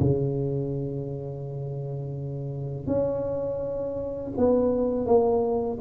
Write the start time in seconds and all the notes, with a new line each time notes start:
0.00 C#3
2.87 C#4
4.37 B3
5.06 A#3